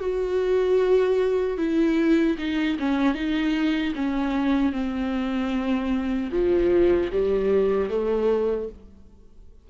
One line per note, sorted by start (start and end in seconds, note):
0.00 1.58 F#4
1.58 2.36 E4
2.38 2.77 D#4
2.79 3.14 C#4
3.14 3.93 D#4
3.95 4.72 C#4
4.72 6.30 C4
6.32 7.11 F3
7.12 7.89 G3
7.89 8.68 A3